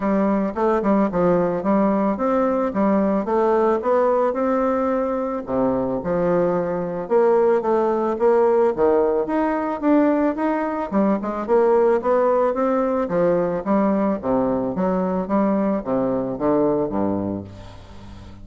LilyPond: \new Staff \with { instrumentName = "bassoon" } { \time 4/4 \tempo 4 = 110 g4 a8 g8 f4 g4 | c'4 g4 a4 b4 | c'2 c4 f4~ | f4 ais4 a4 ais4 |
dis4 dis'4 d'4 dis'4 | g8 gis8 ais4 b4 c'4 | f4 g4 c4 fis4 | g4 c4 d4 g,4 | }